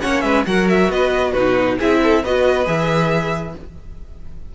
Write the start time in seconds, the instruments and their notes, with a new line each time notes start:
0.00 cello A#3, viola C#4, violin C#5 F#5
0.20 cello G#3, violin B4 E5
0.46 cello F#3, viola F#4, violin A#4 F#5
0.69 violin E5
0.89 cello B3, violin B4 D#5
1.32 cello B2, viola D#4, violin F#4 B4
1.78 cello C4, viola E4, violin G#4 E5
2.03 violin A4
2.22 cello B3, viola F#4, violin B4 D#5
2.65 cello E3, viola G#4, violin E5